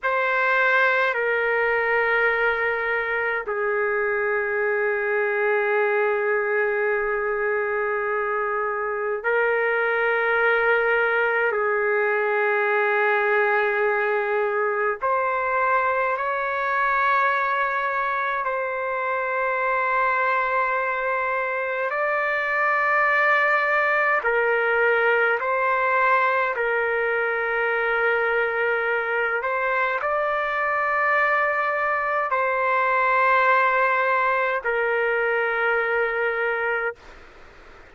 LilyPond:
\new Staff \with { instrumentName = "trumpet" } { \time 4/4 \tempo 4 = 52 c''4 ais'2 gis'4~ | gis'1 | ais'2 gis'2~ | gis'4 c''4 cis''2 |
c''2. d''4~ | d''4 ais'4 c''4 ais'4~ | ais'4. c''8 d''2 | c''2 ais'2 | }